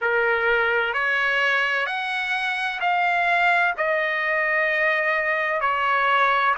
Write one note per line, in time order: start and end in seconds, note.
0.01 0.93 A#4
0.93 1.86 C#5
1.86 2.80 F#5
2.80 3.74 F5
3.77 5.60 D#5
5.60 6.54 C#5